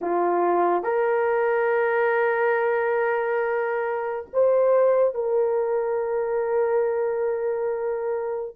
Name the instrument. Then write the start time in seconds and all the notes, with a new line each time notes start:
horn
0.01 F4
0.83 A#4
4.33 C5
5.14 A#4